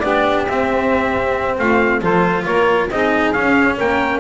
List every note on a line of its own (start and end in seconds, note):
0.00 0.47 B3
0.00 0.48 D4
0.00 1.57 G4
0.00 0.44 D5
0.48 1.59 C4
0.48 2.02 C4
0.48 1.59 E5
1.59 2.02 A3
1.59 2.02 F4
1.59 2.03 F5
2.02 2.46 F3
2.02 2.90 F4
2.02 2.45 A4
2.02 2.45 C5
2.45 2.91 A#3
2.45 2.89 A#4
2.45 2.89 C#5
2.91 3.35 C4
2.91 3.35 D#4
2.91 3.78 G#4
2.91 3.33 D#5
3.33 4.20 C#4
3.33 3.79 C#4
3.33 3.77 F5
3.78 4.20 A#3
3.78 4.20 A#4
3.78 4.20 G5